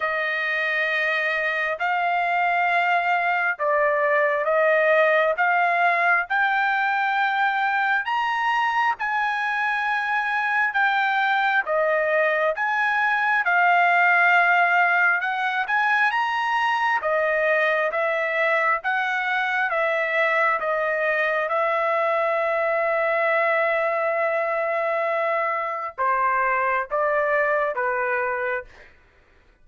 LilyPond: \new Staff \with { instrumentName = "trumpet" } { \time 4/4 \tempo 4 = 67 dis''2 f''2 | d''4 dis''4 f''4 g''4~ | g''4 ais''4 gis''2 | g''4 dis''4 gis''4 f''4~ |
f''4 fis''8 gis''8 ais''4 dis''4 | e''4 fis''4 e''4 dis''4 | e''1~ | e''4 c''4 d''4 b'4 | }